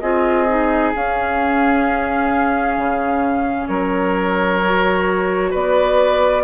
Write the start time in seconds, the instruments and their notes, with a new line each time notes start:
0.00 bassoon C4, clarinet F4, oboe G#4, flute D#5
0.47 clarinet D#4
0.96 bassoon C#4, clarinet C#4, flute F5
2.78 bassoon C#3
3.67 bassoon F#3, oboe A#4, flute C#5
4.63 clarinet F#4
5.51 bassoon B3, oboe B4, flute D5